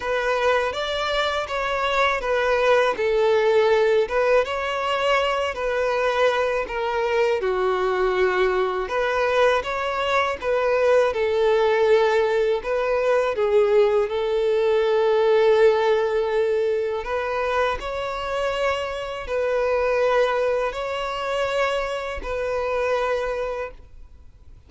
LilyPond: \new Staff \with { instrumentName = "violin" } { \time 4/4 \tempo 4 = 81 b'4 d''4 cis''4 b'4 | a'4. b'8 cis''4. b'8~ | b'4 ais'4 fis'2 | b'4 cis''4 b'4 a'4~ |
a'4 b'4 gis'4 a'4~ | a'2. b'4 | cis''2 b'2 | cis''2 b'2 | }